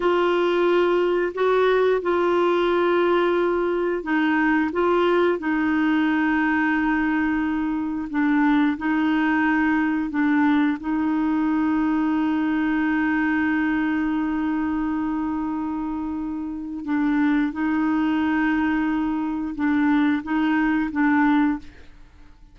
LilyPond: \new Staff \with { instrumentName = "clarinet" } { \time 4/4 \tempo 4 = 89 f'2 fis'4 f'4~ | f'2 dis'4 f'4 | dis'1 | d'4 dis'2 d'4 |
dis'1~ | dis'1~ | dis'4 d'4 dis'2~ | dis'4 d'4 dis'4 d'4 | }